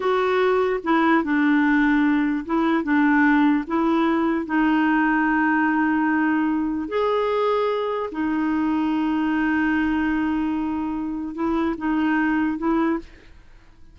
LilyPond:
\new Staff \with { instrumentName = "clarinet" } { \time 4/4 \tempo 4 = 148 fis'2 e'4 d'4~ | d'2 e'4 d'4~ | d'4 e'2 dis'4~ | dis'1~ |
dis'4 gis'2. | dis'1~ | dis'1 | e'4 dis'2 e'4 | }